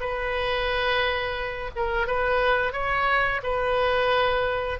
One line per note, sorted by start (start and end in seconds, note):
0.00 1.70 B4
1.75 2.07 A#4
2.07 2.72 B4
2.72 3.41 C#5
3.43 4.79 B4